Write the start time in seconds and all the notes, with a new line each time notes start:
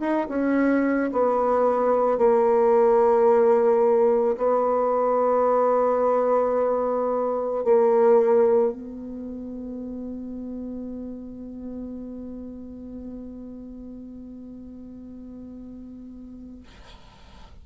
0.00 D#4
0.29 C#4
1.13 B3
2.18 A#3
4.37 B3
7.65 A#3
8.73 B3